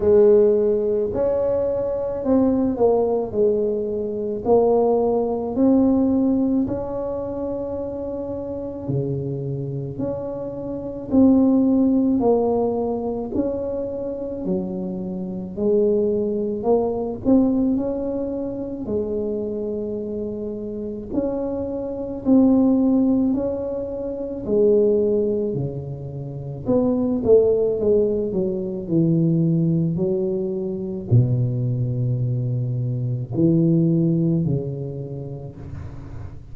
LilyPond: \new Staff \with { instrumentName = "tuba" } { \time 4/4 \tempo 4 = 54 gis4 cis'4 c'8 ais8 gis4 | ais4 c'4 cis'2 | cis4 cis'4 c'4 ais4 | cis'4 fis4 gis4 ais8 c'8 |
cis'4 gis2 cis'4 | c'4 cis'4 gis4 cis4 | b8 a8 gis8 fis8 e4 fis4 | b,2 e4 cis4 | }